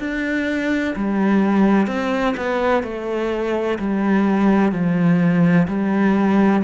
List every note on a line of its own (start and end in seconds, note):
0.00 0.95 D4
0.96 1.87 G3
1.87 2.35 C4
2.37 2.84 B3
2.84 3.79 A3
3.79 4.72 G3
4.72 5.68 F3
5.68 6.63 G3